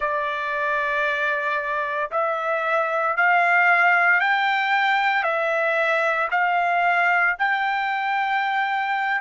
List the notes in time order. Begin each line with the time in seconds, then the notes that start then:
0.00 D5
2.11 E5
3.16 F5
4.20 G5
5.23 E5
6.31 F5
7.38 G5